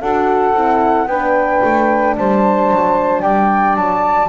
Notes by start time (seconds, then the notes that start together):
0.00 D4 F#4 A4 F#5
0.54 C4 E4
1.07 B3 D4 B4 G5
1.64 A3
2.17 G3 C5 A5
2.71 F#3
3.22 G3 D5 G5
3.76 F#3 A5